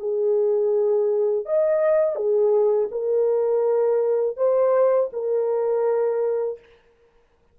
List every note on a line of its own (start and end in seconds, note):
0.00 1.46 G#4
1.46 2.16 D#5
2.16 2.89 G#4
2.92 4.37 A#4
4.37 5.10 C5
5.13 6.60 A#4